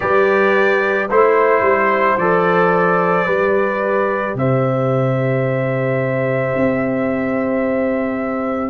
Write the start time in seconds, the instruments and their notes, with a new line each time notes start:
0.00 tuba G3, trombone G4, horn B4, trumpet D5
1.08 tuba A3, trombone E4, horn C5, trumpet C5
1.60 tuba G3
2.17 tuba F3, trombone A4, trumpet D5
3.26 tuba G3, trombone G4, horn B4
4.34 tuba C3, horn C5, trumpet E5
6.55 tuba C4